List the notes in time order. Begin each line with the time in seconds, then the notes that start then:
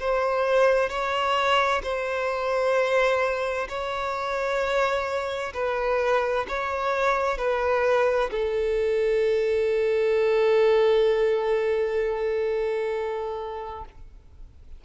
0.00 C5
0.89 C#5
1.83 C5
3.68 C#5
5.54 B4
6.48 C#5
7.38 B4
8.31 A4